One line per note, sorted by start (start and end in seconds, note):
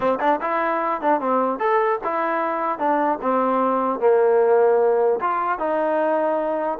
0.00 0.18 C4
0.20 0.40 D4
0.41 1.01 E4
1.01 1.20 D4
1.20 1.59 C4
1.59 1.99 A4
2.03 2.79 E4
2.79 3.19 D4
3.21 3.99 C4
3.99 5.19 A#3
5.20 5.58 F4
5.58 6.78 D#4